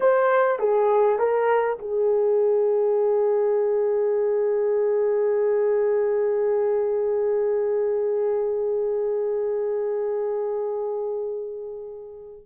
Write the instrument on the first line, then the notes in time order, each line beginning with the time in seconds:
horn
0.00 C5
0.59 G#4
1.19 A#4
1.78 G#4